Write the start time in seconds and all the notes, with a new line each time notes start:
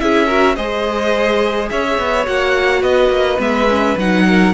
0.00 C#4 E4 G#4 E5
0.27 F#4 A#4
0.56 G#3 G#4 C5 D#5
1.70 C#4 C#5 E5
1.98 B3
2.25 A#3 F#4 F#5
2.83 B3 B4 D#5
3.10 A#3
3.38 G#3 B3 E5
3.70 C#4
3.98 F#3 D#4 F#5
4.27 A#4